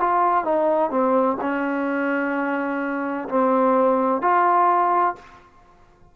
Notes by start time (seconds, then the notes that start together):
0.00 F4
0.44 D#4
0.90 C4
1.41 C#4
3.29 C4
4.21 F4